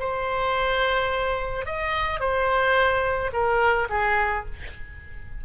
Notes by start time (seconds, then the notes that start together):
0.00 C5
1.66 D#5
2.20 C5
3.33 A#4
3.90 G#4